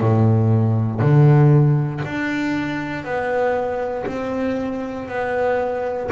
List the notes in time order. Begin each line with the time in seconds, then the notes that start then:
0.00 A2
1.01 D3
2.05 D4
3.05 B3
4.07 C4
5.08 B3